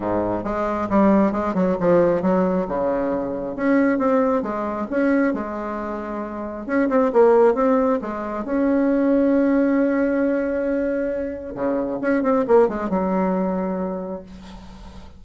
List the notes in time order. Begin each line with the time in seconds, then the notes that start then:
0.00 G#2
0.44 G#3
0.89 G3
1.32 G#3
1.54 F#3
1.80 F3
2.21 F#3
2.67 C#3
3.56 C#4
3.98 C4
4.42 G#3
4.90 C#4
5.33 G#3
6.66 C#4
6.89 C4
7.13 A#3
7.54 C4
8.01 G#3
8.44 C#4
11.54 C#3
12.01 C#4
12.22 C4
12.47 A#3
12.68 G#3
12.89 F#3